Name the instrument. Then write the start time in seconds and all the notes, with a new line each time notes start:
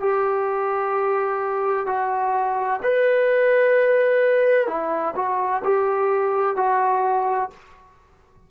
trombone
0.00 G4
1.86 F#4
2.83 B4
4.67 E4
5.16 F#4
5.64 G4
6.56 F#4